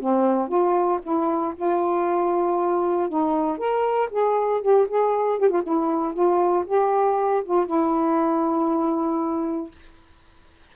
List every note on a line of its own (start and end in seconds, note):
0.00 0.48 C4
0.48 1.00 F4
1.03 1.54 E4
1.55 3.09 F4
3.09 3.58 D#4
3.58 4.09 A#4
4.11 4.62 G#4
4.62 4.87 G4
4.89 5.39 G#4
5.39 5.50 G4
5.50 5.62 F4
5.63 6.14 E4
6.14 6.65 F4
6.66 7.43 G4
7.45 7.66 F4
7.66 9.72 E4